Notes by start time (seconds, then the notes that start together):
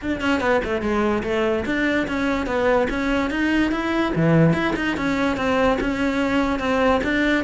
0.01 D4
0.20 C#4
0.40 B3
0.64 A3
0.81 G#3
1.23 A3
1.65 D4
2.07 C#4
2.46 B3
2.90 C#4
3.30 D#4
3.71 E4
4.15 E3
4.53 E4
4.76 D#4
4.96 C#4
5.37 C4
5.80 C#4
6.59 C4
7.03 D4